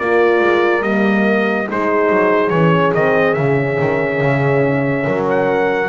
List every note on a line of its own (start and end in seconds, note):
0.00 0.41 A#3
0.00 0.83 F4
0.00 1.68 A#4
0.00 0.83 D5
0.41 0.83 G#3
0.83 1.67 G3
0.83 1.67 A#3
0.83 1.68 D#5
1.67 2.10 G#3
1.67 2.51 D#4
1.67 5.06 G#4
1.67 2.50 C5
2.10 2.51 F#3
2.50 2.93 E3
2.50 2.96 C#4
2.50 2.92 C#5
2.95 3.37 D#3
2.95 3.38 C4
2.95 3.34 D#5
3.34 3.79 C#3
3.34 5.89 C#4
3.34 5.24 E5
3.80 4.21 D#3
4.21 5.06 C#3
5.06 5.89 F#3
5.06 5.89 A#4
5.30 5.89 F#5